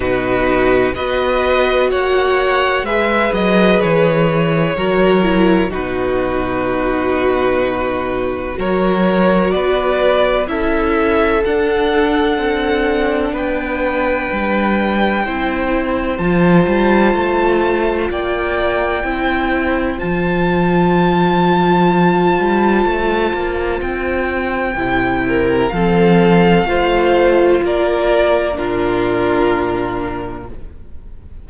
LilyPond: <<
  \new Staff \with { instrumentName = "violin" } { \time 4/4 \tempo 4 = 63 b'4 dis''4 fis''4 e''8 dis''8 | cis''2 b'2~ | b'4 cis''4 d''4 e''4 | fis''2 g''2~ |
g''4 a''2 g''4~ | g''4 a''2.~ | a''4 g''2 f''4~ | f''4 d''4 ais'2 | }
  \new Staff \with { instrumentName = "violin" } { \time 4/4 fis'4 b'4 cis''4 b'4~ | b'4 ais'4 fis'2~ | fis'4 ais'4 b'4 a'4~ | a'2 b'2 |
c''2. d''4 | c''1~ | c''2~ c''8 ais'8 a'4 | c''4 ais'4 f'2 | }
  \new Staff \with { instrumentName = "viola" } { \time 4/4 dis'4 fis'2 gis'4~ | gis'4 fis'8 e'8 dis'2~ | dis'4 fis'2 e'4 | d'1 |
e'4 f'2. | e'4 f'2.~ | f'2 e'4 c'4 | f'2 d'2 | }
  \new Staff \with { instrumentName = "cello" } { \time 4/4 b,4 b4 ais4 gis8 fis8 | e4 fis4 b,2~ | b,4 fis4 b4 cis'4 | d'4 c'4 b4 g4 |
c'4 f8 g8 a4 ais4 | c'4 f2~ f8 g8 | a8 ais8 c'4 c4 f4 | a4 ais4 ais,2 | }
>>